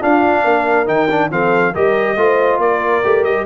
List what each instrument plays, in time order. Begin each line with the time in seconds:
0.00 trombone D4, tuba D4, horn F4, trumpet F5
0.44 tuba A#3, horn A#4
0.86 tuba D#3, trombone D#4, trumpet G5
1.11 trombone D4
1.31 tuba F3, trombone C4, horn A4, trumpet F5
1.74 tuba G3, trombone G4, horn A#4, trumpet D#5
2.16 tuba A3, trombone F4, horn C5
2.59 tuba A#3, horn A#4, trumpet D5
3.04 tuba A3, trombone G4
3.24 tuba G3, trumpet D#5